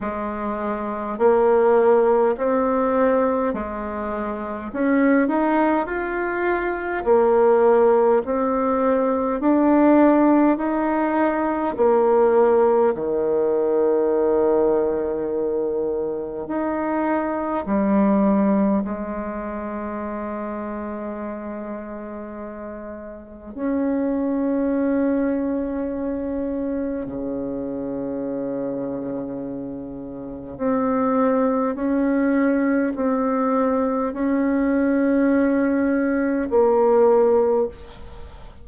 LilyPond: \new Staff \with { instrumentName = "bassoon" } { \time 4/4 \tempo 4 = 51 gis4 ais4 c'4 gis4 | cis'8 dis'8 f'4 ais4 c'4 | d'4 dis'4 ais4 dis4~ | dis2 dis'4 g4 |
gis1 | cis'2. cis4~ | cis2 c'4 cis'4 | c'4 cis'2 ais4 | }